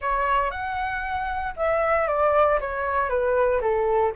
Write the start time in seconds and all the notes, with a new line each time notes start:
0.01 C#5
0.51 F#5
1.56 E5
2.07 D5
2.60 C#5
3.09 B4
3.61 A4